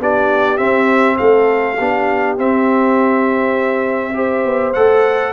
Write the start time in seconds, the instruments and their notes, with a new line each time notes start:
0.00 tuba B3, trombone D4, horn G4, trumpet D5
0.58 trombone C4, tuba C4, trumpet E5
1.17 tuba A3, horn A4, trumpet F5
1.79 tuba B3, trombone D4, horn G4
2.38 trombone C4, tuba C4, trumpet E5
4.14 trombone G4, horn C5
4.46 tuba B3
4.74 tuba A3, trombone A4, trumpet F#5